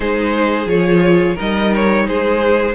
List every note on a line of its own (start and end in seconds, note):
0.00 0.66 G#3
0.00 0.67 D#4
0.00 1.35 G#4
0.00 0.68 C5
0.66 1.35 F3
0.66 1.36 F4
0.66 1.37 C#5
1.35 2.08 G3
1.35 2.74 D#4
1.35 2.04 A#4
1.35 1.74 D#5
1.75 2.07 C#5
2.07 2.74 G#3
2.07 2.74 G#4
2.07 2.74 C5